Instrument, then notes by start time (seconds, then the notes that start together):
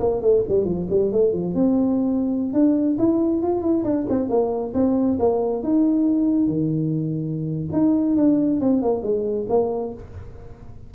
tuba
0.00 A#3
0.21 A3
0.49 G3
0.65 F3
0.90 G3
1.12 A3
1.33 F3
1.55 C4
2.53 D4
2.99 E4
3.43 F4
3.62 E4
3.84 D4
4.09 C4
4.30 A#3
4.74 C4
5.19 A#3
5.64 D#4
6.48 D#3
7.72 D#4
8.17 D4
8.60 C4
8.82 A#3
9.03 G#3
9.50 A#3